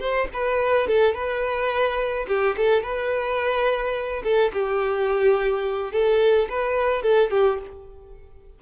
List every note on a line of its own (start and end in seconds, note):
0.00 0.28 C5
0.34 0.88 B4
0.88 1.14 A4
1.14 2.27 B4
2.28 2.56 G4
2.57 2.83 A4
2.83 4.23 B4
4.24 4.52 A4
4.53 5.93 G4
5.93 6.49 A4
6.49 7.03 B4
7.03 7.31 A4
7.31 7.59 G4